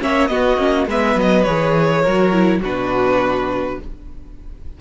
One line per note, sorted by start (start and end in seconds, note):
0.00 0.30 A#3
0.00 0.29 C#4
0.00 0.31 C#5
0.00 0.28 E5
0.28 0.58 B3
0.28 0.89 F#4
0.28 0.86 D#5
0.58 0.87 A#3
0.58 0.87 C#4
0.87 1.16 G#3
0.87 1.47 B3
0.87 2.02 B4
0.87 1.20 E5
1.16 1.45 F#3
1.16 1.44 D#5
1.44 2.06 E3
1.44 2.05 G#4
1.44 2.60 C#5
2.02 2.63 F#3
2.02 2.33 F#4
2.02 2.60 A#4
2.33 2.62 E4
2.62 3.80 B2
2.62 3.81 D4
2.62 3.78 F#4
2.62 3.81 B4